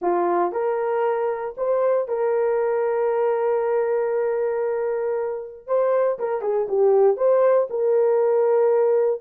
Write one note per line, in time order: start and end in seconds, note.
0.01 0.52 F4
0.52 1.54 A#4
1.57 2.08 C5
2.08 5.67 A#4
5.67 6.18 C5
6.18 6.41 A#4
6.41 6.67 G#4
6.68 7.16 G4
7.16 7.68 C5
7.69 9.21 A#4